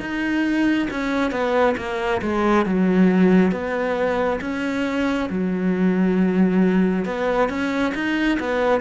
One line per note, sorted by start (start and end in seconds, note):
0.00 0.88 D#4
0.90 1.31 C#4
1.31 1.75 B3
1.77 2.21 A#3
2.21 2.65 G#3
2.65 3.51 F#3
3.51 4.40 B3
4.41 5.29 C#4
5.29 7.05 F#3
7.05 7.49 B3
7.49 7.93 C#4
7.94 8.38 D#4
8.39 8.81 B3